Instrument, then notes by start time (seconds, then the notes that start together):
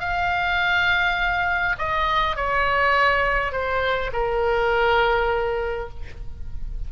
oboe
0.00 F5
1.79 D#5
2.36 C#5
3.52 C5
4.13 A#4